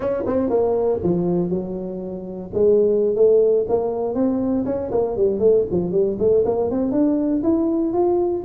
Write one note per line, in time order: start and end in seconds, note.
0.00 0.23 C#4
0.26 0.49 C4
0.49 0.99 A#3
1.03 1.49 F3
1.49 2.50 F#3
2.53 3.15 G#3
3.15 3.66 A3
3.68 4.14 A#3
4.14 4.65 C4
4.65 4.90 C#4
4.91 5.16 A#3
5.16 5.39 G3
5.39 5.64 A3
5.71 5.91 F3
5.91 6.17 G3
6.18 6.44 A3
6.45 6.70 A#3
6.70 6.91 C4
6.91 7.42 D4
7.43 7.93 E4
7.93 8.43 F4